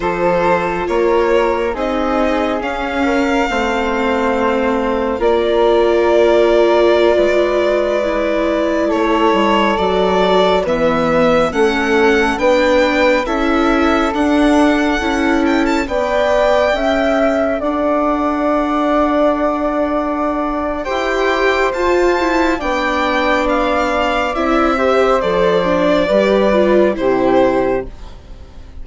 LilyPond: <<
  \new Staff \with { instrumentName = "violin" } { \time 4/4 \tempo 4 = 69 c''4 cis''4 dis''4 f''4~ | f''2 d''2~ | d''2~ d''16 cis''4 d''8.~ | d''16 e''4 fis''4 g''4 e''8.~ |
e''16 fis''4. g''16 a''16 g''4.~ g''16~ | g''16 fis''2.~ fis''8. | g''4 a''4 g''4 f''4 | e''4 d''2 c''4 | }
  \new Staff \with { instrumentName = "flute" } { \time 4/4 a'4 ais'4 gis'4. ais'8 | c''2 ais'2~ | ais'16 b'2 a'4.~ a'16~ | a'16 b'4 a'4 b'4 a'8.~ |
a'2~ a'16 d''4 e''8.~ | e''16 d''2.~ d''8. | c''2 d''2~ | d''8 c''4. b'4 g'4 | }
  \new Staff \with { instrumentName = "viola" } { \time 4/4 f'2 dis'4 cis'4 | c'2 f'2~ | f'4~ f'16 e'2 fis'8.~ | fis'16 b4 cis'4 d'4 e'8.~ |
e'16 d'4 e'4 b'4 a'8.~ | a'1 | g'4 f'8 e'8 d'2 | e'8 g'8 a'8 d'8 g'8 f'8 e'4 | }
  \new Staff \with { instrumentName = "bassoon" } { \time 4/4 f4 ais4 c'4 cis'4 | a2 ais2~ | ais16 gis2 a8 g8 fis8.~ | fis16 e4 a4 b4 cis'8.~ |
cis'16 d'4 cis'4 b4 cis'8.~ | cis'16 d'2.~ d'8. | e'4 f'4 b2 | c'4 f4 g4 c4 | }
>>